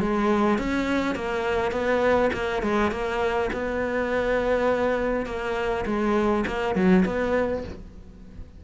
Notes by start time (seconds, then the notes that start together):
0.00 G#3
0.58 C#4
1.15 A#3
1.71 B3
2.33 A#3
2.62 G#3
2.91 A#3
3.53 B3
5.26 A#3
5.86 G#3
6.47 A#3
6.75 F#3
7.05 B3